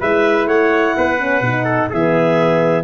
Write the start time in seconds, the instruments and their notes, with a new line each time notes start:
0.00 tuba G#3, horn E4, trumpet B4, clarinet E5
0.46 tuba A3, trumpet C#5, clarinet F#5
0.97 tuba B3, trumpet B4
1.18 horn C#4
1.41 tuba B2, horn D#4
1.64 trumpet A4
1.90 tuba E3, horn B3, trumpet G#4, clarinet E5